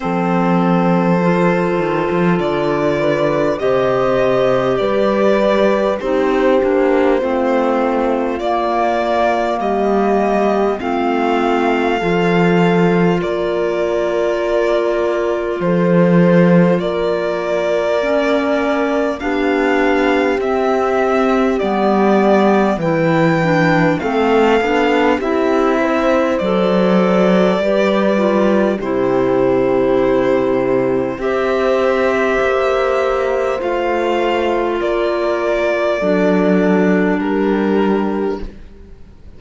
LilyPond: <<
  \new Staff \with { instrumentName = "violin" } { \time 4/4 \tempo 4 = 50 c''2 d''4 dis''4 | d''4 c''2 d''4 | dis''4 f''2 d''4~ | d''4 c''4 d''2 |
f''4 e''4 d''4 g''4 | f''4 e''4 d''2 | c''2 e''2 | f''4 d''2 ais'4 | }
  \new Staff \with { instrumentName = "horn" } { \time 4/4 a'2~ a'8 b'8 c''4 | b'4 g'4 f'2 | g'4 f'4 a'4 ais'4~ | ais'4 a'4 ais'2 |
g'2. b'4 | a'4 g'8 c''4. b'4 | g'2 c''2~ | c''4 ais'4 a'4 g'4 | }
  \new Staff \with { instrumentName = "clarinet" } { \time 4/4 c'4 f'2 g'4~ | g'4 dis'8 d'8 c'4 ais4~ | ais4 c'4 f'2~ | f'2. cis'4 |
d'4 c'4 b4 e'8 d'8 | c'8 d'8 e'4 a'4 g'8 f'8 | e'2 g'2 | f'2 d'2 | }
  \new Staff \with { instrumentName = "cello" } { \time 4/4 f4. dis16 f16 d4 c4 | g4 c'8 ais8 a4 ais4 | g4 a4 f4 ais4~ | ais4 f4 ais2 |
b4 c'4 g4 e4 | a8 b8 c'4 fis4 g4 | c2 c'4 ais4 | a4 ais4 fis4 g4 | }
>>